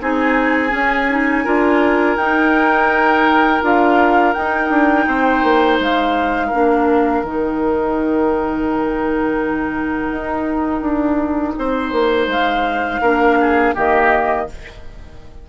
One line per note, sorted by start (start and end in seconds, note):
0.00 0.73 C4
0.00 0.69 D#4
0.00 1.44 G#4
0.00 2.17 G#5
0.69 1.05 C#4
0.69 1.45 C#4
1.09 1.45 D#4
1.44 2.16 D4
1.44 2.17 F4
1.44 5.06 A#4
2.16 3.61 D#4
2.16 3.61 G5
3.61 4.34 D4
3.61 4.33 F4
3.61 4.33 F5
4.33 6.52 D#4
4.33 4.70 D#4
4.33 5.77 G5
4.70 5.06 D4
5.07 5.43 C4
5.07 6.47 C5
5.43 5.79 A#3
5.79 6.52 G#3
5.79 7.24 F5
6.47 7.24 D4
6.47 11.53 A#4
6.53 7.23 A#3
7.23 10.10 D#3
7.23 13.03 D#4
7.23 12.30 G5
10.10 10.81 D#4
10.81 11.53 D4
11.58 11.92 C4
11.58 13.01 C5
11.92 12.27 A#3
12.27 12.99 G#3
12.27 13.75 F5
13.01 13.73 A#3
13.01 13.75 D4
13.01 13.37 A#4
13.40 13.74 G#4
13.74 14.49 D#3
13.74 14.47 A#3
13.74 14.47 G4
13.74 14.49 D#5